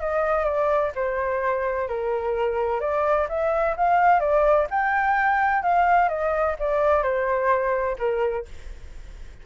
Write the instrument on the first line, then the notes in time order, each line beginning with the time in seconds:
flute
0.00 D#5
0.45 D5
0.95 C5
1.88 A#4
2.81 D5
3.29 E5
3.77 F5
4.20 D5
4.71 G5
5.63 F5
6.09 D#5
6.59 D5
7.03 C5
7.99 A#4